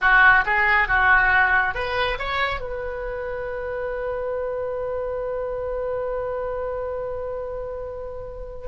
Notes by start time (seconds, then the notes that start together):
0.01 F#4
0.45 G#4
0.88 F#4
1.74 B4
2.18 C#5
2.60 B4